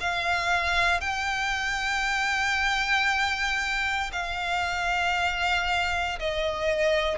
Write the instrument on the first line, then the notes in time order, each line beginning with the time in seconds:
violin
0.00 F5
1.01 G5
4.12 F5
6.19 D#5